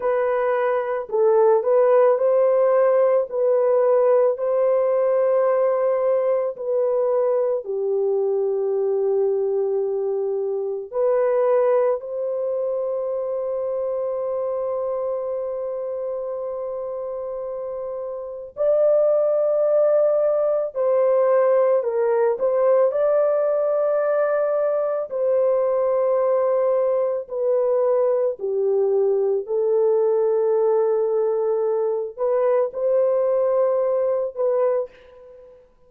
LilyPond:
\new Staff \with { instrumentName = "horn" } { \time 4/4 \tempo 4 = 55 b'4 a'8 b'8 c''4 b'4 | c''2 b'4 g'4~ | g'2 b'4 c''4~ | c''1~ |
c''4 d''2 c''4 | ais'8 c''8 d''2 c''4~ | c''4 b'4 g'4 a'4~ | a'4. b'8 c''4. b'8 | }